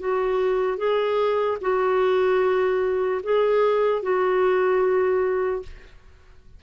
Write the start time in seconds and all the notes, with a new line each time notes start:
0.00 F#4
0.78 G#4
1.61 F#4
3.23 G#4
4.03 F#4